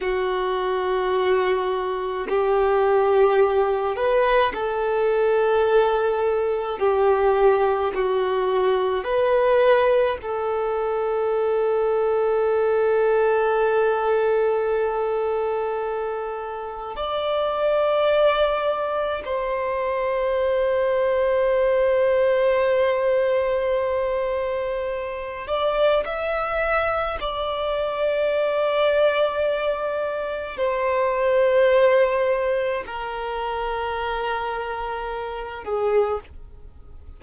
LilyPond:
\new Staff \with { instrumentName = "violin" } { \time 4/4 \tempo 4 = 53 fis'2 g'4. b'8 | a'2 g'4 fis'4 | b'4 a'2.~ | a'2. d''4~ |
d''4 c''2.~ | c''2~ c''8 d''8 e''4 | d''2. c''4~ | c''4 ais'2~ ais'8 gis'8 | }